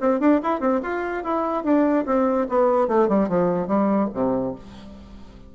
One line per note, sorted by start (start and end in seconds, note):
0.00 0.20 C4
0.20 0.40 D4
0.43 0.60 E4
0.60 0.81 C4
0.82 1.24 F4
1.24 1.63 E4
1.63 2.05 D4
2.06 2.47 C4
2.49 2.88 B3
2.88 3.08 A3
3.08 3.28 G3
3.28 3.67 F3
3.67 4.09 G3
4.14 4.55 C3